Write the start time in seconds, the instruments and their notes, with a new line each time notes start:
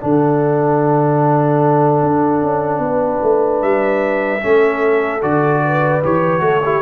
0.00 tuba D3, trombone D4, horn A4, trumpet F#5
2.02 tuba D4
2.42 tuba C#4
2.79 tuba B3, horn B4
3.23 tuba A3
3.62 tuba G3, trumpet E5
4.41 tuba A3, trombone C#4, horn A4
5.22 tuba D3, trombone F#4, trumpet D5
5.64 horn B4
6.03 tuba E3, trombone G4, trumpet C#5
6.41 tuba A3, trombone F#4, horn A4
6.64 trombone E4, horn G4